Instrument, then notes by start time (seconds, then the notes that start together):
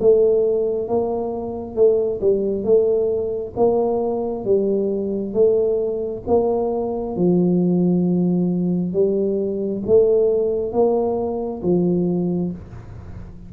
tuba
0.00 A3
0.88 A#3
1.76 A3
2.21 G3
2.64 A3
3.57 A#3
4.45 G3
5.33 A3
6.27 A#3
7.16 F3
8.93 G3
9.86 A3
10.73 A#3
11.63 F3